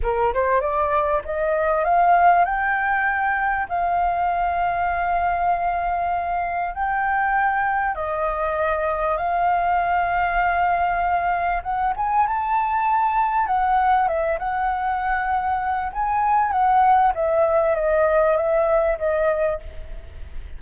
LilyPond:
\new Staff \with { instrumentName = "flute" } { \time 4/4 \tempo 4 = 98 ais'8 c''8 d''4 dis''4 f''4 | g''2 f''2~ | f''2. g''4~ | g''4 dis''2 f''4~ |
f''2. fis''8 gis''8 | a''2 fis''4 e''8 fis''8~ | fis''2 gis''4 fis''4 | e''4 dis''4 e''4 dis''4 | }